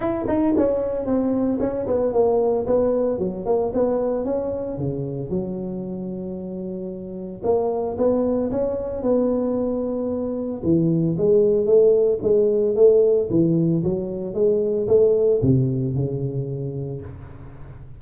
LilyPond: \new Staff \with { instrumentName = "tuba" } { \time 4/4 \tempo 4 = 113 e'8 dis'8 cis'4 c'4 cis'8 b8 | ais4 b4 fis8 ais8 b4 | cis'4 cis4 fis2~ | fis2 ais4 b4 |
cis'4 b2. | e4 gis4 a4 gis4 | a4 e4 fis4 gis4 | a4 c4 cis2 | }